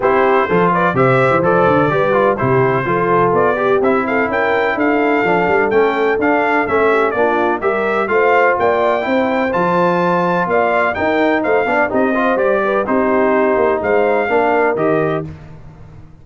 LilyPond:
<<
  \new Staff \with { instrumentName = "trumpet" } { \time 4/4 \tempo 4 = 126 c''4. d''8 e''4 d''4~ | d''4 c''2 d''4 | e''8 f''8 g''4 f''2 | g''4 f''4 e''4 d''4 |
e''4 f''4 g''2 | a''2 f''4 g''4 | f''4 dis''4 d''4 c''4~ | c''4 f''2 dis''4 | }
  \new Staff \with { instrumentName = "horn" } { \time 4/4 g'4 a'8 b'8 c''2 | b'4 g'4 a'4. g'8~ | g'8 a'8 ais'4 a'2~ | a'2~ a'8 g'8 f'4 |
ais'4 c''4 d''4 c''4~ | c''2 d''4 ais'4 | c''8 d''8 g'8 c''4 b'8 g'4~ | g'4 c''4 ais'2 | }
  \new Staff \with { instrumentName = "trombone" } { \time 4/4 e'4 f'4 g'4 a'4 | g'8 f'8 e'4 f'4. g'8 | e'2. d'4 | cis'4 d'4 cis'4 d'4 |
g'4 f'2 e'4 | f'2. dis'4~ | dis'8 d'8 dis'8 f'8 g'4 dis'4~ | dis'2 d'4 g'4 | }
  \new Staff \with { instrumentName = "tuba" } { \time 4/4 c'4 f4 c8. e16 f8 d8 | g4 c4 f4 b4 | c'4 cis'4 d'4 f8 g8 | a4 d'4 a4 ais4 |
g4 a4 ais4 c'4 | f2 ais4 dis'4 | a8 b8 c'4 g4 c'4~ | c'8 ais8 gis4 ais4 dis4 | }
>>